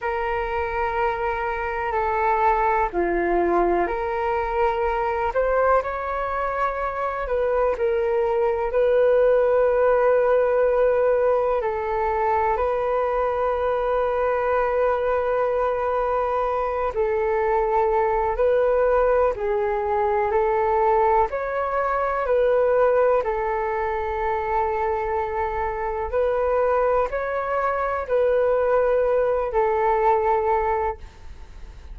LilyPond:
\new Staff \with { instrumentName = "flute" } { \time 4/4 \tempo 4 = 62 ais'2 a'4 f'4 | ais'4. c''8 cis''4. b'8 | ais'4 b'2. | a'4 b'2.~ |
b'4. a'4. b'4 | gis'4 a'4 cis''4 b'4 | a'2. b'4 | cis''4 b'4. a'4. | }